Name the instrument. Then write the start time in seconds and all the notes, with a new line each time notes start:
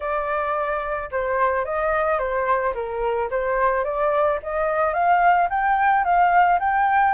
flute
0.00 D5
1.11 C5
1.65 D#5
2.18 C5
2.74 A#4
3.30 C5
3.84 D5
4.42 D#5
4.93 F5
5.49 G5
6.04 F5
6.59 G5